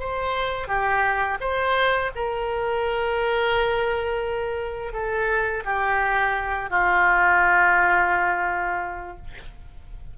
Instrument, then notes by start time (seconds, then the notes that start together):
oboe
0.00 C5
0.68 G4
1.41 C5
2.15 A#4
4.93 A4
5.65 G4
6.71 F4